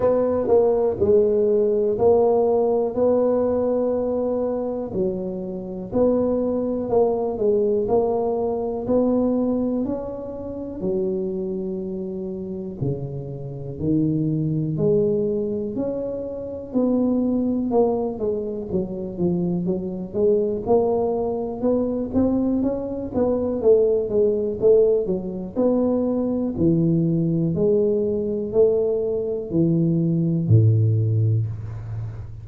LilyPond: \new Staff \with { instrumentName = "tuba" } { \time 4/4 \tempo 4 = 61 b8 ais8 gis4 ais4 b4~ | b4 fis4 b4 ais8 gis8 | ais4 b4 cis'4 fis4~ | fis4 cis4 dis4 gis4 |
cis'4 b4 ais8 gis8 fis8 f8 | fis8 gis8 ais4 b8 c'8 cis'8 b8 | a8 gis8 a8 fis8 b4 e4 | gis4 a4 e4 a,4 | }